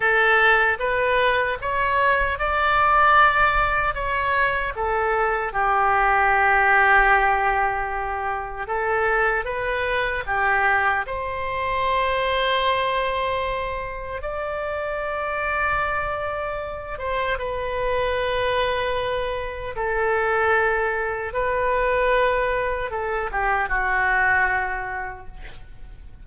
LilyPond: \new Staff \with { instrumentName = "oboe" } { \time 4/4 \tempo 4 = 76 a'4 b'4 cis''4 d''4~ | d''4 cis''4 a'4 g'4~ | g'2. a'4 | b'4 g'4 c''2~ |
c''2 d''2~ | d''4. c''8 b'2~ | b'4 a'2 b'4~ | b'4 a'8 g'8 fis'2 | }